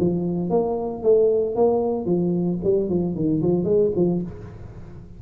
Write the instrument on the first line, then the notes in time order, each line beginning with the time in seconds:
tuba
0.00 F3
0.50 A#3
1.03 A3
1.55 A#3
2.06 F3
2.64 G3
2.89 F3
3.15 D#3
3.42 F3
3.64 G#3
3.96 F3